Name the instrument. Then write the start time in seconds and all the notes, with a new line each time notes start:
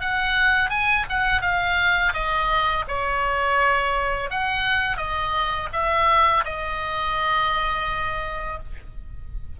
oboe
0.00 F#5
0.69 G#5
1.09 F#5
1.41 F5
2.13 D#5
2.88 C#5
4.30 F#5
4.97 D#5
5.72 E5
6.44 D#5